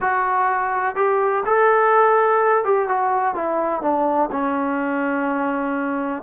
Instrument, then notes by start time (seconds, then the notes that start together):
trombone
0.00 F#4
0.95 G4
1.45 A4
2.64 G4
2.88 F#4
3.35 E4
3.81 D4
4.31 C#4